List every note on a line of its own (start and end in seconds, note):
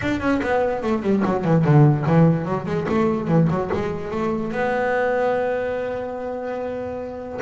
0.01 0.20 D4
0.20 0.41 C#4
0.42 0.82 B3
0.82 1.02 A3
1.02 1.23 G3
1.25 1.44 F#3
1.44 1.64 E3
1.64 2.05 D3
2.06 2.45 E3
2.45 2.65 F#3
2.66 2.86 G#3
2.88 3.27 A3
3.27 3.48 E3
3.50 3.70 F#3
3.73 4.11 G#3
4.11 4.52 A3
4.52 7.40 B3